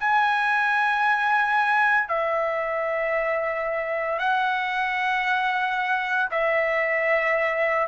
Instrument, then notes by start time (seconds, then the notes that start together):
trumpet
0.00 G#5
2.09 E5
4.20 F#5
6.32 E5